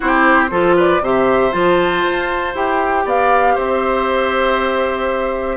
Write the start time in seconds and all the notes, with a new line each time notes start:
0.00 C4 E4 G4 C5
0.50 F3 F4 A4
0.76 B4 D5
1.01 C3 G4 C5 E5
1.51 F3 F4 A5
2.06 F4
2.54 E4 G4 G5
3.05 B3 D5 F5
3.54 C4 C5 E5